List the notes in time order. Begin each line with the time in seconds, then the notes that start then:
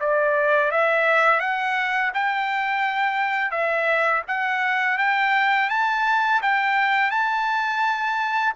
0.00 D5
0.71 E5
1.40 F#5
2.14 G5
3.51 E5
4.28 F#5
4.98 G5
5.70 A5
6.42 G5
7.11 A5